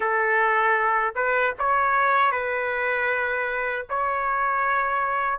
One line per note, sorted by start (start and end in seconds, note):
0.00 1.14 A4
1.15 1.53 B4
1.58 2.31 C#5
2.31 3.85 B4
3.89 5.39 C#5